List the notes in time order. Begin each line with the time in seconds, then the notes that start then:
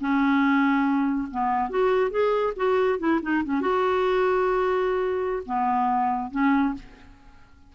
0.00 C#4
1.31 B3
1.70 F#4
2.11 G#4
2.56 F#4
2.99 E4
3.22 D#4
3.44 C#4
3.61 F#4
5.46 B3
6.31 C#4